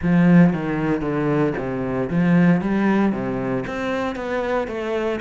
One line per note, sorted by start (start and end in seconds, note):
0.02 0.53 F3
0.53 1.01 D#3
1.01 1.53 D3
1.57 2.09 C3
2.10 2.61 F3
2.61 3.12 G3
3.12 3.64 C3
3.66 4.15 C4
4.15 4.67 B3
4.67 5.20 A3